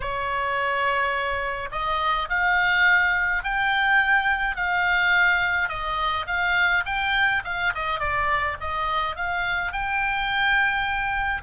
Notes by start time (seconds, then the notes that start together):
0.00 C#5
1.71 D#5
2.29 F5
3.43 G5
4.56 F5
5.68 D#5
6.26 F5
6.85 G5
7.44 F5
7.74 D#5
7.99 D5
8.60 D#5
9.16 F5
9.72 G5